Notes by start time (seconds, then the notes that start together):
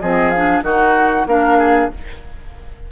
0.00 F3 C4 G#4 D#5
0.30 F5
0.36 D4
0.62 D#3 D#4 F#4 F#5
1.26 A#3 D4 A#4 F5
1.58 G#4